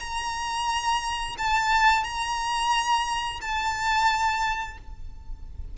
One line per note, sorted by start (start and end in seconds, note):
0.00 1.36 A#5
1.38 2.04 A5
2.04 3.41 A#5
3.42 4.78 A5